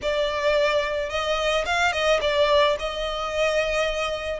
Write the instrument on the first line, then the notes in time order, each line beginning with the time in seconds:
violin
0.02 D5
1.09 D#5
1.65 F5
1.92 D#5
2.21 D5
2.79 D#5